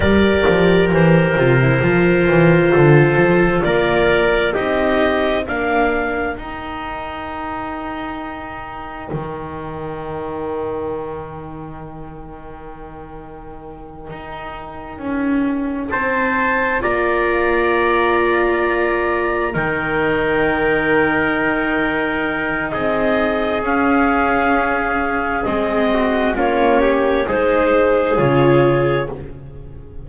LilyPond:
<<
  \new Staff \with { instrumentName = "clarinet" } { \time 4/4 \tempo 4 = 66 d''4 c''2. | d''4 dis''4 f''4 g''4~ | g''1~ | g''1~ |
g''4. a''4 ais''4.~ | ais''4. g''2~ g''8~ | g''4 dis''4 f''2 | dis''4 cis''4 c''4 cis''4 | }
  \new Staff \with { instrumentName = "trumpet" } { \time 4/4 ais'2. a'4 | ais'4 g'4 ais'2~ | ais'1~ | ais'1~ |
ais'4. c''4 d''4.~ | d''4. ais'2~ ais'8~ | ais'4 gis'2.~ | gis'8 fis'8 f'8 g'8 gis'2 | }
  \new Staff \with { instrumentName = "viola" } { \time 4/4 g'4. f'16 e'16 f'2~ | f'4 dis'4 d'4 dis'4~ | dis'1~ | dis'1~ |
dis'2~ dis'8 f'4.~ | f'4. dis'2~ dis'8~ | dis'2 cis'2 | c'4 cis'4 dis'4 f'4 | }
  \new Staff \with { instrumentName = "double bass" } { \time 4/4 g8 f8 e8 c8 f8 e8 d8 f8 | ais4 c'4 ais4 dis'4~ | dis'2 dis2~ | dis2.~ dis8 dis'8~ |
dis'8 cis'4 c'4 ais4.~ | ais4. dis2~ dis8~ | dis4 c'4 cis'2 | gis4 ais4 gis4 cis4 | }
>>